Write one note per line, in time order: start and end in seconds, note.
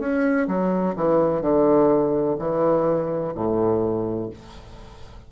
0.00 0.48 C#4
0.48 0.95 F#3
0.96 1.42 E3
1.42 2.37 D3
2.39 3.34 E3
3.35 4.30 A2